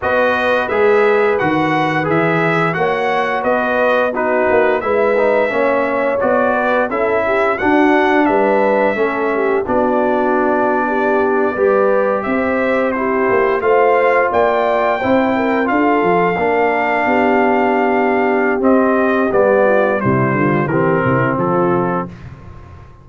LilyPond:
<<
  \new Staff \with { instrumentName = "trumpet" } { \time 4/4 \tempo 4 = 87 dis''4 e''4 fis''4 e''4 | fis''4 dis''4 b'4 e''4~ | e''4 d''4 e''4 fis''4 | e''2 d''2~ |
d''4.~ d''16 e''4 c''4 f''16~ | f''8. g''2 f''4~ f''16~ | f''2. dis''4 | d''4 c''4 ais'4 a'4 | }
  \new Staff \with { instrumentName = "horn" } { \time 4/4 b'1 | cis''4 b'4 fis'4 b'4 | cis''4. b'8 a'8 g'8 fis'4 | b'4 a'8 g'8 fis'4.~ fis'16 g'16~ |
g'8. b'4 c''4 g'4 c''16~ | c''8. d''4 c''8 ais'8 a'4 ais'16~ | ais'8. g'2.~ g'16~ | g'8 f'8 e'8 f'8 g'8 e'8 f'4 | }
  \new Staff \with { instrumentName = "trombone" } { \time 4/4 fis'4 gis'4 fis'4 gis'4 | fis'2 dis'4 e'8 dis'8 | cis'4 fis'4 e'4 d'4~ | d'4 cis'4 d'2~ |
d'8. g'2 e'4 f'16~ | f'4.~ f'16 e'4 f'4 d'16~ | d'2. c'4 | b4 g4 c'2 | }
  \new Staff \with { instrumentName = "tuba" } { \time 4/4 b4 gis4 dis4 e4 | ais4 b4. ais8 gis4 | ais4 b4 cis'4 d'4 | g4 a4 b2~ |
b8. g4 c'4. ais8 a16~ | a8. ais4 c'4 d'8 f8 ais16~ | ais8. b2~ b16 c'4 | g4 c8 d8 e8 c8 f4 | }
>>